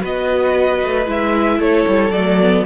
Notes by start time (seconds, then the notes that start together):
0.00 B3 F#4 B4 D#5
0.83 A3
1.05 G#3 E4 E5
1.59 A3 A4 C#5
1.87 G3
2.10 F#3 A3 D5
2.40 B3